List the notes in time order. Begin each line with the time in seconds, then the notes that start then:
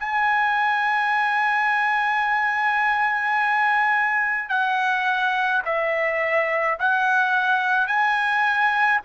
0.00 G#5
4.50 F#5
5.66 E5
6.79 F#5
7.87 G#5